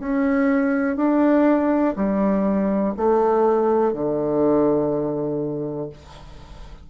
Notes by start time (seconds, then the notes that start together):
0.00 C#4
0.97 D4
1.96 G3
2.97 A3
3.93 D3